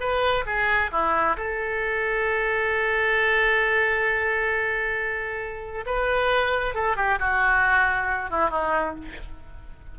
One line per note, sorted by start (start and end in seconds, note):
0.00 0.45 B4
0.46 0.91 G#4
0.92 1.36 E4
1.37 5.85 A4
5.86 6.74 B4
6.74 6.96 A4
6.96 7.19 G4
7.19 8.30 F#4
8.30 8.50 E4
8.50 8.95 D#4